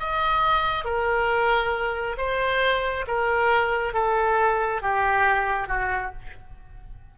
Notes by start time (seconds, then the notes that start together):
0.00 D#5
0.85 A#4
2.18 C5
3.08 A#4
3.94 A4
4.82 G4
5.68 F#4